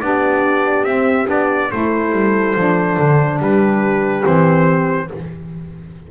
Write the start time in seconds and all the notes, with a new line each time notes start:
0.00 B3 D4 G4 D5
0.83 C4 E5
1.26 B3 D4 D5
1.71 A3 E4 A4 C5
2.12 G3
2.55 F3 D4
2.98 D3
3.39 G3 G4 B4
4.23 E3 C4 C5